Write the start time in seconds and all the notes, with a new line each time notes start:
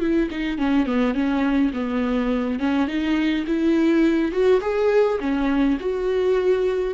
0.00 E4
0.31 D#4
0.58 C#4
0.86 B3
1.14 C#4
1.73 B3
2.60 C#4
2.87 D#4
3.47 E4
4.32 F#4
4.61 G#4
5.20 C#4
5.80 F#4